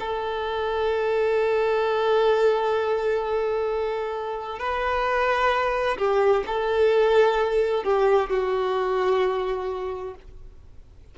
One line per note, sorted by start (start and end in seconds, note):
0.00 4.59 A4
4.59 5.97 B4
5.98 6.44 G4
6.47 7.84 A4
7.84 8.30 G4
8.30 10.15 F#4